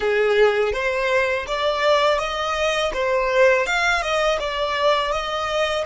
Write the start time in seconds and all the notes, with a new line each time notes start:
0.00 G#4
0.73 C5
1.47 D5
2.18 D#5
2.93 C5
3.66 F5
4.01 D#5
4.39 D5
5.11 D#5